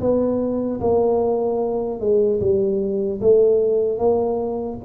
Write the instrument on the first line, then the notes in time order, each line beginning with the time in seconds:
tuba
0.00 B3
0.80 A#3
2.00 G#3
2.40 G3
3.21 A3
3.98 A#3